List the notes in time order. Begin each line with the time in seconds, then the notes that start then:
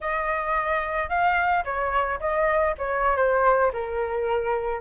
0.00 D#5
1.09 F5
1.64 C#5
2.19 D#5
2.78 C#5
3.16 C5
3.72 A#4